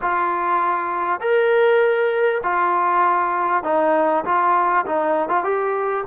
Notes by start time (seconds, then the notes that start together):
0.01 F4
1.20 A#4
2.43 F4
3.63 D#4
4.24 F4
4.86 D#4
5.29 F4
5.43 G4